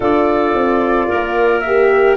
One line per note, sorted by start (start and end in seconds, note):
0.00 0.53 D4
0.00 1.63 F4
0.00 1.07 A4
0.00 1.60 D5
0.53 1.08 C4
1.07 2.17 A#3
1.07 2.17 A#4
1.60 2.14 E5
1.66 2.17 G4